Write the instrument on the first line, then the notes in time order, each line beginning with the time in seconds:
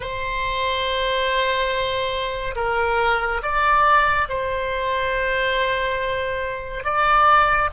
oboe
0.00 C5
2.55 A#4
3.42 D5
4.29 C5
6.84 D5